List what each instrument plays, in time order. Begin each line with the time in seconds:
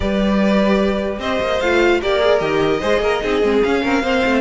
0.00 cello G3, viola G4, violin B4 D5
1.19 cello C4, violin C5 D#5
1.40 cello A#3
1.60 cello A3, viola F4, violin F5
2.01 cello A#3, viola G4, violin A#4 D5
2.20 viola G#4
2.39 cello D#3, viola G4, violin D#5
2.80 cello G#3, viola G#4, violin C5
3.00 cello A#3, violin A#4
3.22 cello C4, viola D#4, violin G#4
3.42 cello G#3, viola C4
3.63 cello C#4, viola C#4, violin F5
3.82 cello C4, violin A#4
4.02 cello A#3, viola C4, violin C5
4.25 cello A3